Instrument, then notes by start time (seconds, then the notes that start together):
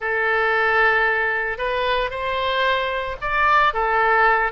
oboe
0.00 A4
1.58 B4
2.10 C5
3.21 D5
3.73 A4